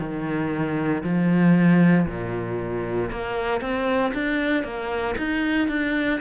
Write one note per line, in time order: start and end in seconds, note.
0.00 1.03 D#3
1.03 2.07 F3
2.07 3.11 A#2
3.11 3.61 A#3
3.61 4.13 C4
4.14 4.64 D4
4.64 5.16 A#3
5.18 5.68 D#4
5.68 6.20 D4